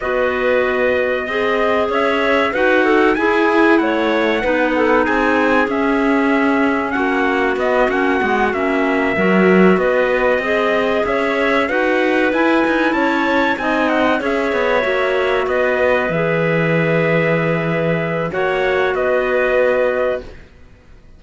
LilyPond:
<<
  \new Staff \with { instrumentName = "trumpet" } { \time 4/4 \tempo 4 = 95 dis''2. e''4 | fis''4 gis''4 fis''2 | gis''4 e''2 fis''4 | dis''8 fis''4 e''2 dis''8~ |
dis''4. e''4 fis''4 gis''8~ | gis''8 a''4 gis''8 fis''8 e''4.~ | e''8 dis''4 e''2~ e''8~ | e''4 fis''4 dis''2 | }
  \new Staff \with { instrumentName = "clarinet" } { \time 4/4 b'2 dis''4 cis''4 | b'8 a'8 gis'4 cis''4 b'8 a'8 | gis'2. fis'4~ | fis'2~ fis'8 ais'4 b'8~ |
b'8 dis''4 cis''4 b'4.~ | b'8 cis''4 dis''4 cis''4.~ | cis''8 b'2.~ b'8~ | b'4 cis''4 b'2 | }
  \new Staff \with { instrumentName = "clarinet" } { \time 4/4 fis'2 gis'2 | fis'4 e'2 dis'4~ | dis'4 cis'2. | b8 cis'8 b8 cis'4 fis'4.~ |
fis'8 gis'2 fis'4 e'8~ | e'4. dis'4 gis'4 fis'8~ | fis'4. gis'2~ gis'8~ | gis'4 fis'2. | }
  \new Staff \with { instrumentName = "cello" } { \time 4/4 b2 c'4 cis'4 | dis'4 e'4 a4 b4 | c'4 cis'2 ais4 | b8 ais8 gis8 ais4 fis4 b8~ |
b8 c'4 cis'4 dis'4 e'8 | dis'8 cis'4 c'4 cis'8 b8 ais8~ | ais8 b4 e2~ e8~ | e4 ais4 b2 | }
>>